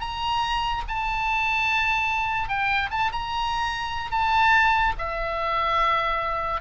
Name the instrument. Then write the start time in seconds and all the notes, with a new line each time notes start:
oboe
0.00 A#5
0.88 A5
2.49 G5
2.90 A5
3.12 A#5
4.11 A5
4.98 E5